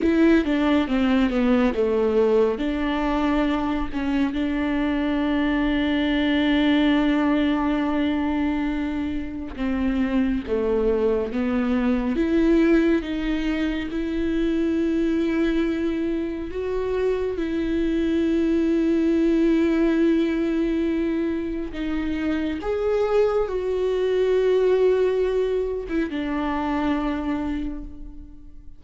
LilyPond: \new Staff \with { instrumentName = "viola" } { \time 4/4 \tempo 4 = 69 e'8 d'8 c'8 b8 a4 d'4~ | d'8 cis'8 d'2.~ | d'2. c'4 | a4 b4 e'4 dis'4 |
e'2. fis'4 | e'1~ | e'4 dis'4 gis'4 fis'4~ | fis'4.~ fis'16 e'16 d'2 | }